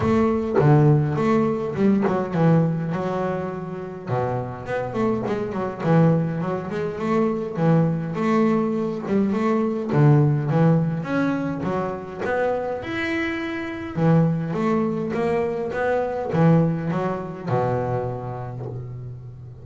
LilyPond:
\new Staff \with { instrumentName = "double bass" } { \time 4/4 \tempo 4 = 103 a4 d4 a4 g8 fis8 | e4 fis2 b,4 | b8 a8 gis8 fis8 e4 fis8 gis8 | a4 e4 a4. g8 |
a4 d4 e4 cis'4 | fis4 b4 e'2 | e4 a4 ais4 b4 | e4 fis4 b,2 | }